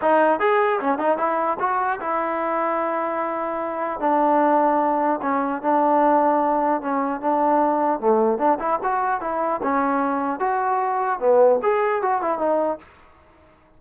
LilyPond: \new Staff \with { instrumentName = "trombone" } { \time 4/4 \tempo 4 = 150 dis'4 gis'4 cis'8 dis'8 e'4 | fis'4 e'2.~ | e'2 d'2~ | d'4 cis'4 d'2~ |
d'4 cis'4 d'2 | a4 d'8 e'8 fis'4 e'4 | cis'2 fis'2 | b4 gis'4 fis'8 e'8 dis'4 | }